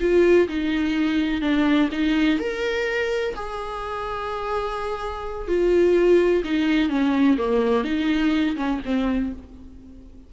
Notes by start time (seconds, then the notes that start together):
0.00 F4
0.48 D#4
1.41 D4
1.91 D#4
2.39 A#4
3.35 G#4
5.48 F4
6.44 D#4
6.89 C#4
7.37 A#3
7.84 D#4
8.56 C#4
8.85 C4